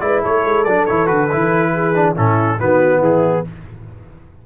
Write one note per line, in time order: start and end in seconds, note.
0.00 0.22 G#3
0.00 0.65 E4
0.00 0.22 B4
0.00 0.21 D5
0.22 0.45 A3
0.22 1.72 A4
0.22 0.64 C#5
0.45 0.66 G#3
0.64 0.88 F#3
0.64 0.89 D4
0.64 0.86 D5
0.86 1.10 E3
0.86 1.06 E4
0.86 1.07 C#5
1.06 1.32 D3
1.06 1.28 F#4
1.06 2.14 B4
1.32 2.18 E3
1.32 1.94 E4
1.73 2.15 G#4
1.94 2.16 D4
2.15 2.60 A2
2.15 2.59 C#4
2.15 2.58 E4
2.15 2.60 A4
2.59 3.00 D#3
2.59 3.45 B3
2.59 3.00 F#4
2.59 3.03 B4
3.00 3.43 E3
3.00 3.43 E4
3.00 3.46 G#4